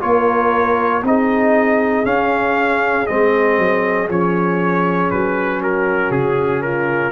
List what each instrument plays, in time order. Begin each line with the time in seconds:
0.00 tuba A#3, trombone F4, horn A#4, trumpet C#5
1.03 tuba C4, trombone D#4, horn G#4, trumpet D#5
2.04 trombone C#4, tuba C#4, trumpet F5
3.06 tuba G#3, trombone C4, trumpet D#5
3.58 tuba F#3
4.08 tuba F3, trombone C#4, trumpet C#5
5.10 tuba F#3, trumpet B4
5.62 horn F#4, trumpet A#4
6.10 tuba C#3, trumpet G#4
6.61 horn F4, trumpet A#4